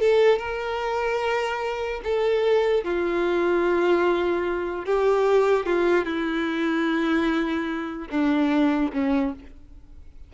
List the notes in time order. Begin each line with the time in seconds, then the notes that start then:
0.00 A4
0.38 A#4
2.03 A4
2.84 F4
4.85 G4
5.65 F4
6.05 E4
8.10 D4
8.93 C#4